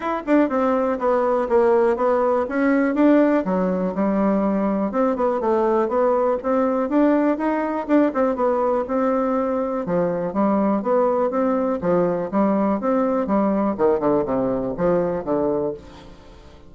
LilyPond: \new Staff \with { instrumentName = "bassoon" } { \time 4/4 \tempo 4 = 122 e'8 d'8 c'4 b4 ais4 | b4 cis'4 d'4 fis4 | g2 c'8 b8 a4 | b4 c'4 d'4 dis'4 |
d'8 c'8 b4 c'2 | f4 g4 b4 c'4 | f4 g4 c'4 g4 | dis8 d8 c4 f4 d4 | }